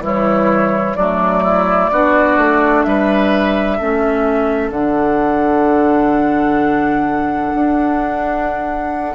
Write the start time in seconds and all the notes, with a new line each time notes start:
0.00 E3 G3 E4 C#5
0.96 F#3 A3 D4 D5
1.44 E4
1.91 B3 D4 F#4
2.38 A3
2.83 G3 B4 E5
3.78 A3 C#4 A4
4.70 D3 D4 F#5
7.55 D4